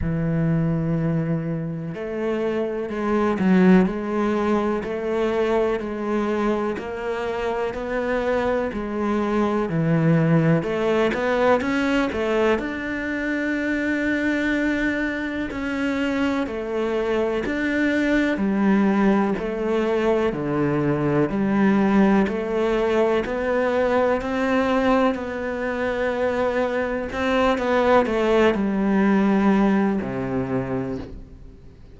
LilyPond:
\new Staff \with { instrumentName = "cello" } { \time 4/4 \tempo 4 = 62 e2 a4 gis8 fis8 | gis4 a4 gis4 ais4 | b4 gis4 e4 a8 b8 | cis'8 a8 d'2. |
cis'4 a4 d'4 g4 | a4 d4 g4 a4 | b4 c'4 b2 | c'8 b8 a8 g4. c4 | }